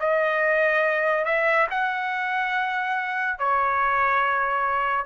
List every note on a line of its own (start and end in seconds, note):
0.00 1.25 D#5
1.25 1.67 E5
1.71 3.39 F#5
3.39 5.06 C#5